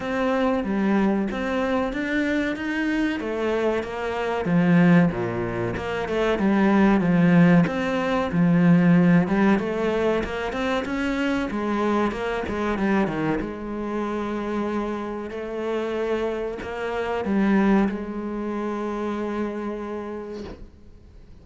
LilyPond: \new Staff \with { instrumentName = "cello" } { \time 4/4 \tempo 4 = 94 c'4 g4 c'4 d'4 | dis'4 a4 ais4 f4 | ais,4 ais8 a8 g4 f4 | c'4 f4. g8 a4 |
ais8 c'8 cis'4 gis4 ais8 gis8 | g8 dis8 gis2. | a2 ais4 g4 | gis1 | }